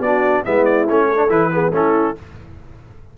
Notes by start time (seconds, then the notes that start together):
0.00 B3 D4 F#4 D5
0.45 G#3 B3 E4 E5
0.65 D5
0.89 A3 C#4 C#5
1.09 A4
1.17 D4
1.30 E3 E4 B4
1.51 B3 G#4
1.72 A3 C#4 E4 A4